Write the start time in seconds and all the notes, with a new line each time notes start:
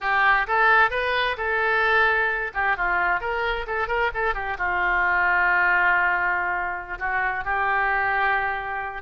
0.00 G4
0.47 A4
0.90 B4
1.37 A4
2.54 G4
2.76 F4
3.20 A#4
3.66 A4
3.87 A#4
4.13 A4
4.34 G4
4.58 F4
6.98 F#4
7.44 G4